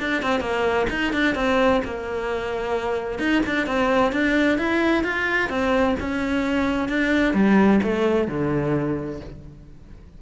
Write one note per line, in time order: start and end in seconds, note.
0.00 0.22 D4
0.22 0.40 C4
0.40 0.87 A#3
0.90 1.13 D#4
1.13 1.35 D4
1.35 1.81 C4
1.85 3.19 A#3
3.19 3.42 D#4
3.46 3.67 D4
3.67 4.12 C4
4.12 4.58 D4
4.59 5.04 E4
5.04 5.49 F4
5.49 5.96 C4
6.00 6.89 C#4
6.89 7.34 D4
7.34 7.80 G3
7.83 8.28 A3
8.28 9.21 D3